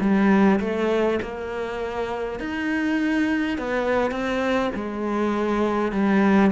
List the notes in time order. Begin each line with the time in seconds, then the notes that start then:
0.00 G3
0.60 A3
1.22 A#3
2.40 D#4
3.58 B3
4.11 C4
4.75 G#3
5.92 G3